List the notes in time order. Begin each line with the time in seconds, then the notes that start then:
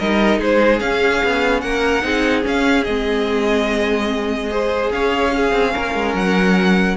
0.00 G3 D#4 A#4 D#5
0.39 G#3 G#4 C5
0.80 C#4 F5
1.24 B3
1.61 A#3 A#4 F#5
2.02 C4 D#4 G#4
2.42 C#4 F5
2.84 G#3 C4 D#5
4.51 G#4 C5
4.91 C#4 C#5 F5
5.32 C#4 G#4
5.53 C4
5.74 A#3 A#4
5.95 G#3
6.15 F#3 F#5